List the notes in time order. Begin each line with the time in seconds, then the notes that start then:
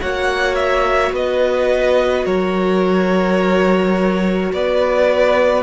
0.00 A#3 F#4 C#5 F#5
0.55 E5
1.12 B3 B4 D#5
2.25 F#3 A#4 C#5
4.52 B3 B4 D5